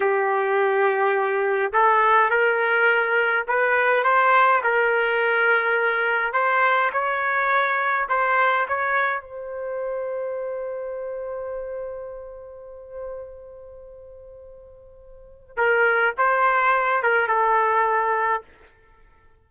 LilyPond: \new Staff \with { instrumentName = "trumpet" } { \time 4/4 \tempo 4 = 104 g'2. a'4 | ais'2 b'4 c''4 | ais'2. c''4 | cis''2 c''4 cis''4 |
c''1~ | c''1~ | c''2. ais'4 | c''4. ais'8 a'2 | }